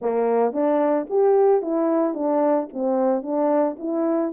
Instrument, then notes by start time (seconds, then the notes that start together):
horn
0.01 A#3
0.52 D4
1.09 G4
1.62 E4
2.14 D4
2.73 C4
3.22 D4
3.78 E4